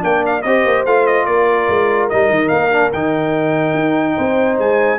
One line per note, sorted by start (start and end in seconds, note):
0.00 0.45 A#3
0.00 0.41 D4
0.00 0.44 D5
0.00 0.24 G5
0.26 0.42 F5
0.42 0.65 C4
0.42 0.87 G4
0.42 1.29 C5
0.42 0.84 D#5
0.65 0.85 A#3
0.85 1.27 A3
0.85 2.12 F4
0.85 1.07 F5
1.07 1.26 D#5
1.26 1.68 A#3
1.26 4.16 A#4
1.26 2.09 D5
1.69 2.10 G#3
2.09 2.30 G3
2.09 2.72 D#4
2.09 2.49 D#5
2.30 2.51 D#3
2.49 2.93 A#3
2.49 2.90 F5
2.72 2.92 D4
2.93 3.74 D#3
2.93 4.99 D#4
2.93 4.59 G5
3.74 4.16 D#4
4.16 4.58 C4
4.16 4.99 C5
4.58 4.99 G#3
4.58 4.99 G#5